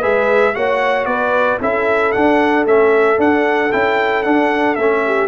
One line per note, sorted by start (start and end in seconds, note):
0.00 0.56 G#3
0.00 0.54 G#4
0.00 0.53 B4
0.00 0.55 E5
0.54 1.05 A#3
0.54 1.60 F#4
0.54 1.07 C#5
0.54 1.05 F#5
1.05 1.58 B3
1.05 1.59 B4
1.05 1.58 D5
1.61 2.13 C#4
1.61 2.14 E4
1.61 5.03 A4
1.61 2.12 E5
2.12 2.66 D4
2.12 2.65 D4
2.12 2.64 F#5
2.65 3.18 A3
2.65 3.16 C#4
2.65 3.20 E5
3.16 3.69 D4
3.16 3.70 D4
3.16 3.72 F#5
3.72 4.25 C#4
3.72 4.25 E4
3.72 4.23 G5
4.23 4.77 D4
4.23 4.75 F#5
4.75 5.28 A3
4.75 5.28 C#4
4.75 5.28 E5
5.06 5.28 G4